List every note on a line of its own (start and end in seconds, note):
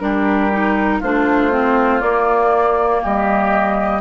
0.00 1.01 G3
0.00 0.51 D4
0.00 0.99 G4
0.00 1.00 A#4
0.53 1.02 D#4
0.99 2.02 A3
0.99 1.52 D4
0.99 2.99 F4
0.99 2.01 C5
1.52 2.01 C4
2.01 4.01 A#3
2.01 3.02 A#3
2.01 3.01 D5
3.03 4.01 G3
3.03 4.01 G4
3.03 4.01 D#5